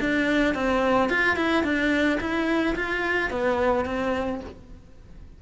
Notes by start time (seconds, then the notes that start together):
0.00 D4
0.55 C4
1.10 F4
1.37 E4
1.64 D4
2.20 E4
2.76 F4
3.31 B3
3.85 C4